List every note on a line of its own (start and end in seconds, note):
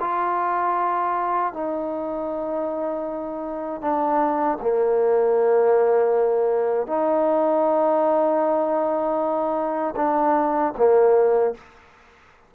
0.00 1.53 F4
1.53 3.81 D#4
3.81 4.58 D4
4.61 6.87 A#3
6.87 9.94 D#4
9.96 10.73 D4
10.77 11.54 A#3